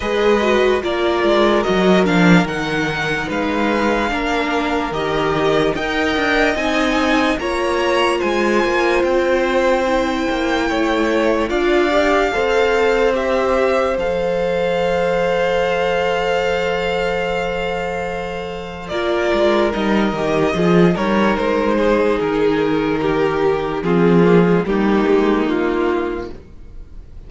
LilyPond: <<
  \new Staff \with { instrumentName = "violin" } { \time 4/4 \tempo 4 = 73 dis''4 d''4 dis''8 f''8 fis''4 | f''2 dis''4 g''4 | gis''4 ais''4 gis''4 g''4~ | g''2 f''2 |
e''4 f''2.~ | f''2. d''4 | dis''4. cis''8 c''4 ais'4~ | ais'4 gis'4 g'4 f'4 | }
  \new Staff \with { instrumentName = "violin" } { \time 4/4 b'4 ais'2. | b'4 ais'2 dis''4~ | dis''4 cis''4 c''2~ | c''4 cis''4 d''4 c''4~ |
c''1~ | c''2. ais'4~ | ais'4 gis'8 ais'4 gis'4. | g'4 f'4 dis'2 | }
  \new Staff \with { instrumentName = "viola" } { \time 4/4 gis'8 fis'8 f'4 fis'8 d'8 dis'4~ | dis'4 d'4 g'4 ais'4 | dis'4 f'2. | e'2 f'8 g'8 a'4 |
g'4 a'2.~ | a'2. f'4 | dis'8 g'8 f'8 dis'2~ dis'8~ | dis'4 c'8 ais16 gis16 ais2 | }
  \new Staff \with { instrumentName = "cello" } { \time 4/4 gis4 ais8 gis8 fis8 f8 dis4 | gis4 ais4 dis4 dis'8 d'8 | c'4 ais4 gis8 ais8 c'4~ | c'8 ais8 a4 d'4 c'4~ |
c'4 f2.~ | f2. ais8 gis8 | g8 dis8 f8 g8 gis4 dis4~ | dis4 f4 g8 gis8 ais4 | }
>>